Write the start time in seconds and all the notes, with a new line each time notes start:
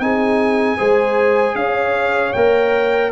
0.00 C4 D#4 G#4 G#5
0.77 G#3 G#4 C5
1.55 C#4 C#5 F5
2.33 A#3 A#4 G5